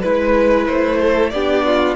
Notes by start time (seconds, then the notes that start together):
0.00 G#3 E4 B4
0.67 A3 C5
0.98 A4
1.30 B3 D4 G4 D5
1.66 F4